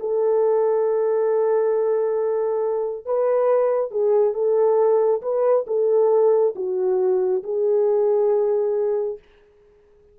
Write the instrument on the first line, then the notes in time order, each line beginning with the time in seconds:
horn
0.00 A4
3.06 B4
3.91 G#4
4.34 A4
5.22 B4
5.67 A4
6.56 F#4
7.44 G#4